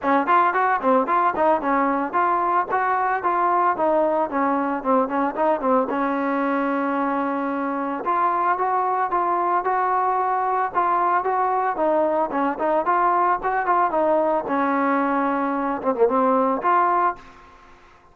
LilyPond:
\new Staff \with { instrumentName = "trombone" } { \time 4/4 \tempo 4 = 112 cis'8 f'8 fis'8 c'8 f'8 dis'8 cis'4 | f'4 fis'4 f'4 dis'4 | cis'4 c'8 cis'8 dis'8 c'8 cis'4~ | cis'2. f'4 |
fis'4 f'4 fis'2 | f'4 fis'4 dis'4 cis'8 dis'8 | f'4 fis'8 f'8 dis'4 cis'4~ | cis'4. c'16 ais16 c'4 f'4 | }